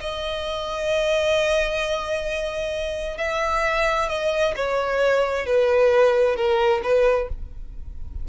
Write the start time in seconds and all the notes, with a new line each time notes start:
0.00 D#5
3.18 E5
4.08 D#5
4.56 C#5
5.46 B4
6.36 A#4
6.83 B4